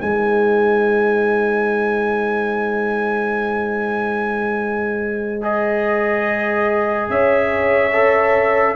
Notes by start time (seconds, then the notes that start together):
0.00 G#3 D#4 C5 G#5
5.42 G#4 D#5
7.10 C#4 C#5 E5
7.92 A4